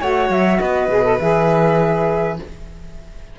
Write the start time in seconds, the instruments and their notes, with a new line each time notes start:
0.00 cello A3, saxophone F#4, violin C#5, flute F#5
0.30 cello F#3, flute E5
0.59 cello B3, violin B4, flute D#5
0.88 cello B2, saxophone G#4
1.03 saxophone A4
1.19 cello E3, saxophone G#4, flute E5